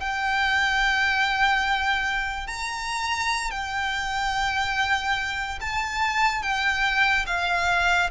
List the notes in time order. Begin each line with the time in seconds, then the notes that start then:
0.00 G5
2.47 A#5
3.51 G5
5.61 A5
6.42 G5
7.27 F5